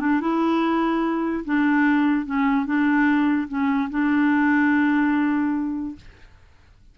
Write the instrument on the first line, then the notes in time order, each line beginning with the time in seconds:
clarinet
0.00 D4
0.21 E4
1.45 D4
2.26 C#4
2.66 D4
3.49 C#4
3.90 D4